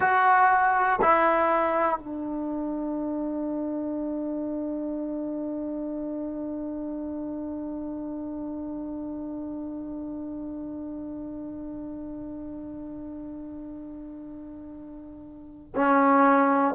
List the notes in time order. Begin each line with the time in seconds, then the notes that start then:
0.00 F#4
1.01 E4
1.99 D4
15.75 C#4